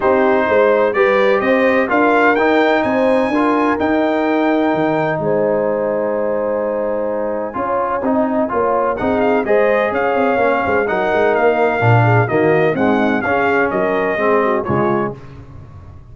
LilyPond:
<<
  \new Staff \with { instrumentName = "trumpet" } { \time 4/4 \tempo 4 = 127 c''2 d''4 dis''4 | f''4 g''4 gis''2 | g''2. gis''4~ | gis''1~ |
gis''2. fis''8 f''8 | dis''4 f''2 fis''4 | f''2 dis''4 fis''4 | f''4 dis''2 cis''4 | }
  \new Staff \with { instrumentName = "horn" } { \time 4/4 g'4 c''4 b'4 c''4 | ais'2 c''4 ais'4~ | ais'2. c''4~ | c''1 |
cis''4 dis''4 cis''4 gis'4 | c''4 cis''4. c''8 ais'4~ | ais'4. gis'8 fis'4 dis'4 | gis'4 ais'4 gis'8 fis'8 f'4 | }
  \new Staff \with { instrumentName = "trombone" } { \time 4/4 dis'2 g'2 | f'4 dis'2 f'4 | dis'1~ | dis'1 |
f'4 dis'4 f'4 dis'4 | gis'2 cis'4 dis'4~ | dis'4 d'4 ais4 gis4 | cis'2 c'4 gis4 | }
  \new Staff \with { instrumentName = "tuba" } { \time 4/4 c'4 gis4 g4 c'4 | d'4 dis'4 c'4 d'4 | dis'2 dis4 gis4~ | gis1 |
cis'4 c'4 ais4 c'4 | gis4 cis'8 c'8 ais8 gis8 fis8 gis8 | ais4 ais,4 dis4 c'4 | cis'4 fis4 gis4 cis4 | }
>>